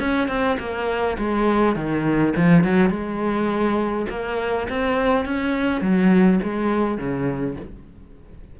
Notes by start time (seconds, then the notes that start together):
0.00 C#4
0.28 C4
0.60 A#3
1.18 G#3
1.76 D#3
2.36 F3
2.64 F#3
2.90 G#3
4.10 A#3
4.70 C4
5.26 C#4
5.81 F#3
6.44 G#3
6.98 C#3